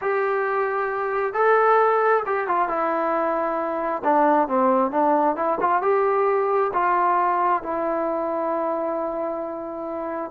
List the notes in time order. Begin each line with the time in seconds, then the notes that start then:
0.01 G4
1.33 A4
2.26 G4
2.47 F4
2.68 E4
4.04 D4
4.48 C4
4.91 D4
5.36 E4
5.60 F4
5.82 G4
6.73 F4
7.62 E4